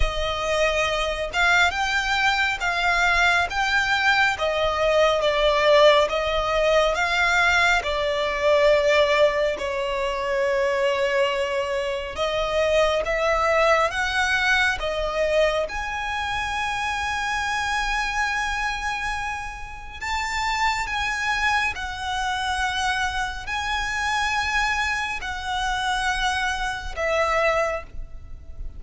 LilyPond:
\new Staff \with { instrumentName = "violin" } { \time 4/4 \tempo 4 = 69 dis''4. f''8 g''4 f''4 | g''4 dis''4 d''4 dis''4 | f''4 d''2 cis''4~ | cis''2 dis''4 e''4 |
fis''4 dis''4 gis''2~ | gis''2. a''4 | gis''4 fis''2 gis''4~ | gis''4 fis''2 e''4 | }